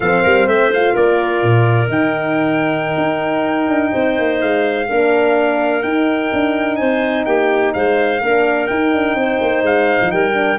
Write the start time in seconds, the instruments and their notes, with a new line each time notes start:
0.00 tuba F3, horn C4, clarinet A4, trumpet F5
0.23 tuba G3, clarinet A#4
0.47 tuba A3, clarinet C5, trumpet E5
0.73 horn F4, trumpet F5
0.92 tuba A#3, clarinet A#4, trumpet D5
1.42 tuba A#2
1.87 tuba D#3, horn D#4, trumpet G5
2.97 tuba D#4
3.68 tuba D4
3.91 tuba C4, clarinet C5
4.18 tuba A#3
4.40 tuba G#3, trumpet F5
4.87 tuba A#3, horn D4, clarinet A#4
5.82 tuba D#4, horn D#4, trumpet G5
6.33 tuba D4
6.76 tuba C4, clarinet C5, trumpet G#5
7.25 tuba A#3, clarinet G4, trumpet G5
7.73 tuba G#3, clarinet C5, trumpet F5
8.20 tuba A#3, horn D4, clarinet A#4
8.67 tuba D#4, horn D#4, trumpet G5
8.93 tuba D4
9.14 tuba C4, clarinet C5
9.41 tuba A#3
9.62 tuba G#3, trumpet F5
10.01 tuba F3
10.11 tuba G3, clarinet A#4, trumpet G5
10.33 horn D4